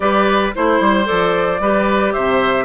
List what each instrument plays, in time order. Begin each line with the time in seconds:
0.00 bassoon G3, clarinet G4, oboe B4, flute D5
0.54 bassoon A3, clarinet E4, oboe C5, flute C5
0.80 bassoon G3
1.04 clarinet A4, flute D5
1.10 bassoon F3
1.59 bassoon G3, clarinet G4, oboe B4
2.12 bassoon C3, oboe C5, flute E5